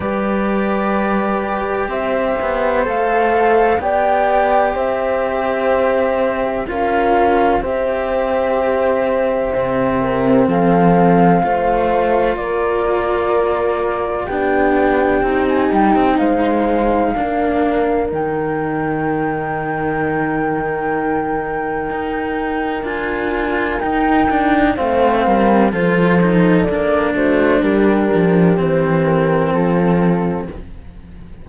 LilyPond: <<
  \new Staff \with { instrumentName = "flute" } { \time 4/4 \tempo 4 = 63 d''2 e''4 f''4 | g''4 e''2 f''4 | e''2. f''4~ | f''4 d''2 g''4~ |
g''16 gis''16 g''8 f''2 g''4~ | g''1 | gis''4 g''4 f''4 c''4 | d''8 c''8 ais'4 c''8 ais'8 a'4 | }
  \new Staff \with { instrumentName = "horn" } { \time 4/4 b'2 c''2 | d''4 c''2 ais'4 | c''2~ c''8 ais'8 a'4 | c''4 ais'2 g'4~ |
g'4 c''4 ais'2~ | ais'1~ | ais'2 c''8 ais'8 a'4~ | a'8 fis'8 g'2 f'4 | }
  \new Staff \with { instrumentName = "cello" } { \time 4/4 g'2. a'4 | g'2. f'4 | g'2 c'2 | f'2. d'4 |
dis'2 d'4 dis'4~ | dis'1 | f'4 dis'8 d'8 c'4 f'8 dis'8 | d'2 c'2 | }
  \new Staff \with { instrumentName = "cello" } { \time 4/4 g2 c'8 b8 a4 | b4 c'2 cis'4 | c'2 c4 f4 | a4 ais2 b4 |
c'8 g16 c'16 gis4 ais4 dis4~ | dis2. dis'4 | d'4 dis'4 a8 g8 f4 | ais8 a8 g8 f8 e4 f4 | }
>>